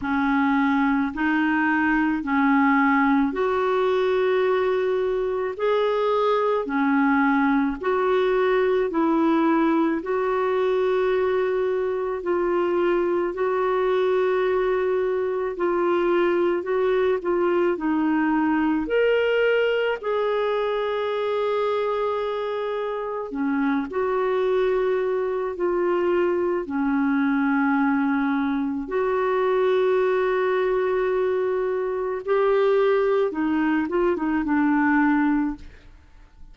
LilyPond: \new Staff \with { instrumentName = "clarinet" } { \time 4/4 \tempo 4 = 54 cis'4 dis'4 cis'4 fis'4~ | fis'4 gis'4 cis'4 fis'4 | e'4 fis'2 f'4 | fis'2 f'4 fis'8 f'8 |
dis'4 ais'4 gis'2~ | gis'4 cis'8 fis'4. f'4 | cis'2 fis'2~ | fis'4 g'4 dis'8 f'16 dis'16 d'4 | }